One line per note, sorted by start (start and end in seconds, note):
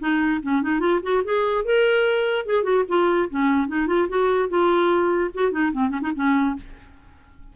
0.00 0.41 D#4
0.43 0.62 C#4
0.62 0.80 D#4
0.80 1.00 F4
1.03 1.23 F#4
1.24 1.65 G#4
1.65 2.46 A#4
2.46 2.63 G#4
2.63 2.84 F#4
2.88 3.29 F4
3.30 3.68 C#4
3.68 3.87 D#4
3.87 4.08 F4
4.09 4.49 F#4
4.49 5.31 F4
5.35 5.51 F#4
5.51 5.72 D#4
5.72 5.90 C4
5.90 6.00 C#4
6.02 6.12 D#4
6.15 6.56 C#4